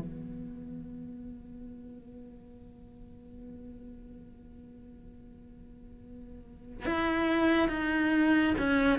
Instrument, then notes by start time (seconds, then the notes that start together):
cello
0.00 B3
6.86 E4
7.69 D#4
8.58 C#4